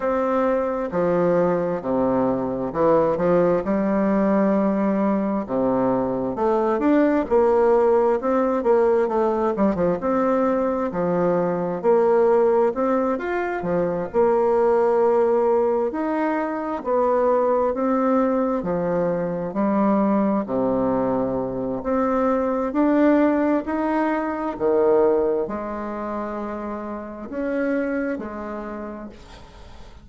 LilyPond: \new Staff \with { instrumentName = "bassoon" } { \time 4/4 \tempo 4 = 66 c'4 f4 c4 e8 f8 | g2 c4 a8 d'8 | ais4 c'8 ais8 a8 g16 f16 c'4 | f4 ais4 c'8 f'8 f8 ais8~ |
ais4. dis'4 b4 c'8~ | c'8 f4 g4 c4. | c'4 d'4 dis'4 dis4 | gis2 cis'4 gis4 | }